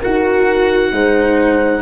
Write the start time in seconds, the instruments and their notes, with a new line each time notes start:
0.00 tuba D#4, cello F#4, horn A#4, oboe F#5
0.92 tuba G#3, cello D#4, horn C5